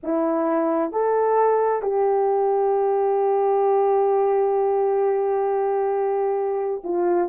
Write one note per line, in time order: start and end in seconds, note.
0.02 0.91 E4
0.91 1.81 A4
1.81 6.81 G4
6.84 7.29 F4